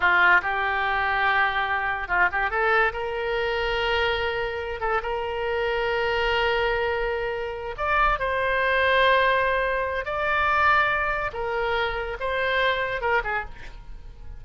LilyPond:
\new Staff \with { instrumentName = "oboe" } { \time 4/4 \tempo 4 = 143 f'4 g'2.~ | g'4 f'8 g'8 a'4 ais'4~ | ais'2.~ ais'8 a'8 | ais'1~ |
ais'2~ ais'8 d''4 c''8~ | c''1 | d''2. ais'4~ | ais'4 c''2 ais'8 gis'8 | }